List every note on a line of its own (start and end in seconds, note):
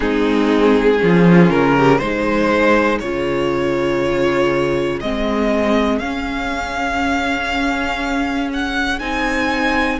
0.00 1.01 G#3
0.00 0.97 C4
0.00 1.00 D#4
0.00 1.50 G#4
0.97 1.49 F3
0.97 1.97 C#4
0.97 1.77 F4
1.49 1.99 C#3
1.49 1.98 A#4
1.77 2.02 G4
1.98 3.01 G#3
1.98 3.01 D#4
1.98 10.00 G#4
1.98 2.98 C5
2.99 5.02 C#3
2.99 5.02 F4
2.99 4.99 C#5
5.00 5.99 G#3
5.00 6.02 C4
5.00 5.99 D#5
5.99 8.99 C#4
5.99 9.00 C#4
5.99 8.49 F5
8.53 8.99 F#5
8.99 10.00 C4
8.99 10.00 D#4
8.99 9.99 G#5